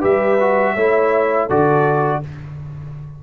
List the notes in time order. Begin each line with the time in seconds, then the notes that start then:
0.00 G3 G4 B4 E5
0.40 F#4
0.74 A3 E4 C#5
1.46 D3 F#4 A4 D5